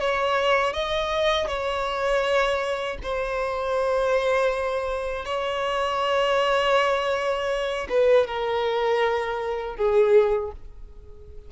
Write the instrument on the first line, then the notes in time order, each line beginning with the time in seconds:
violin
0.00 C#5
0.73 D#5
1.47 C#5
3.03 C5
5.25 C#5
7.89 B4
8.27 A#4
9.76 G#4